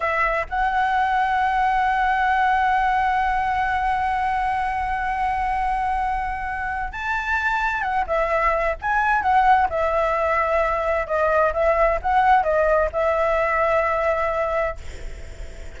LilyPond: \new Staff \with { instrumentName = "flute" } { \time 4/4 \tempo 4 = 130 e''4 fis''2.~ | fis''1~ | fis''1~ | fis''2. a''4~ |
a''4 fis''8 e''4. gis''4 | fis''4 e''2. | dis''4 e''4 fis''4 dis''4 | e''1 | }